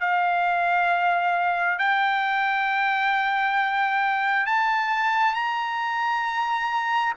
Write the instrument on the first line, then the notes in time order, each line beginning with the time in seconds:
trumpet
0.00 F5
1.79 G5
4.46 A5
5.34 A#5